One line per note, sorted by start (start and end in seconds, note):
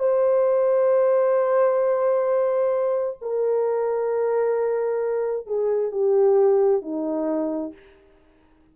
0.00 3.18 C5
3.22 5.47 A#4
5.47 5.91 G#4
5.91 6.82 G4
6.82 7.73 D#4